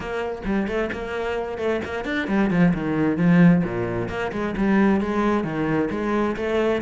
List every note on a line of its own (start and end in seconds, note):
0.00 0.42 A#3
0.45 0.67 G3
0.67 0.90 A3
0.92 1.58 A#3
1.58 1.81 A3
1.84 2.04 A#3
2.04 2.27 D4
2.27 2.50 G3
2.50 2.73 F3
2.74 3.17 D#3
3.17 3.62 F3
3.64 4.08 A#2
4.08 4.31 A#3
4.32 4.55 G#3
4.57 5.00 G3
5.00 5.43 G#3
5.43 5.89 D#3
5.90 6.35 G#3
6.36 6.81 A3